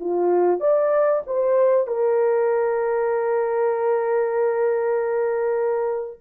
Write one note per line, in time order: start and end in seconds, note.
0.00 0.60 F4
0.60 1.22 D5
1.27 1.87 C5
1.87 6.20 A#4